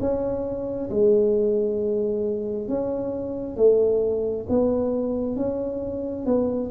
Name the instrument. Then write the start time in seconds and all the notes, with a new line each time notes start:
tuba
0.00 C#4
0.90 G#3
2.68 C#4
3.57 A3
4.49 B3
5.36 C#4
6.26 B3